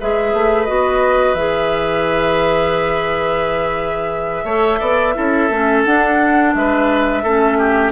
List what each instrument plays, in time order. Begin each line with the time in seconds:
0.00 bassoon G#3, clarinet G#4, oboe B4, flute E5
0.33 bassoon A3
0.65 bassoon B3, clarinet F#4, flute D#5
1.34 bassoon E3, clarinet G#4, flute E5
4.44 bassoon A3, clarinet A4, oboe C#5
4.79 bassoon B3, oboe D5
5.14 bassoon C#4, clarinet E4, oboe A4
5.49 bassoon A3, clarinet C#4
5.84 clarinet D4, bassoon D4, flute F#5
6.54 bassoon G#3, oboe B4, flute E5
7.23 bassoon A3, clarinet C#4, oboe A4
7.58 oboe G4